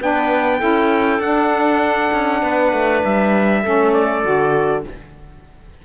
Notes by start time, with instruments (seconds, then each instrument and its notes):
0.00 cello B3, saxophone D4, clarinet B4, trumpet G5
0.59 cello C#4, saxophone E4, clarinet A4
1.19 cello D4, saxophone D4, trumpet F#5
2.13 cello C#4
2.42 cello B3, clarinet B4
2.72 cello A3
3.04 cello G3, trumpet E5
3.63 cello A3, saxophone C#4, clarinet A4
3.93 trumpet D5
4.23 cello D3, saxophone F#4